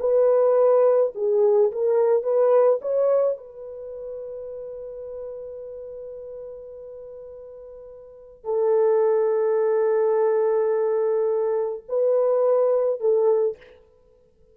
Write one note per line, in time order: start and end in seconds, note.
0.00 1.13 B4
1.15 1.72 G#4
1.72 2.23 A#4
2.23 2.80 B4
2.81 3.38 C#5
3.38 8.45 B4
8.45 11.84 A4
11.89 13.00 B4
13.00 13.57 A4